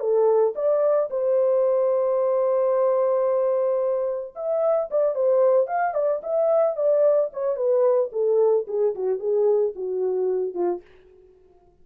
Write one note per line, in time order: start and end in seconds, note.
0.00 0.54 A4
0.56 1.10 D5
1.11 4.35 C5
4.36 4.90 E5
4.91 5.15 D5
5.15 5.68 C5
5.68 5.95 F5
5.95 6.22 D5
6.23 6.77 E5
6.77 7.31 D5
7.34 7.57 C#5
7.57 8.11 B4
8.13 8.67 A4
8.68 8.95 G#4
8.95 9.20 F#4
9.20 9.74 G#4
9.76 10.55 F#4
10.55 10.82 F4